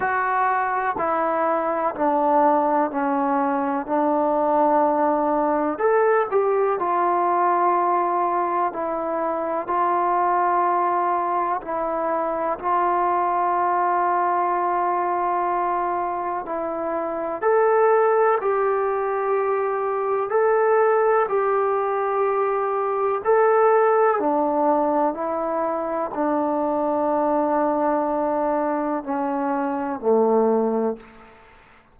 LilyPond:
\new Staff \with { instrumentName = "trombone" } { \time 4/4 \tempo 4 = 62 fis'4 e'4 d'4 cis'4 | d'2 a'8 g'8 f'4~ | f'4 e'4 f'2 | e'4 f'2.~ |
f'4 e'4 a'4 g'4~ | g'4 a'4 g'2 | a'4 d'4 e'4 d'4~ | d'2 cis'4 a4 | }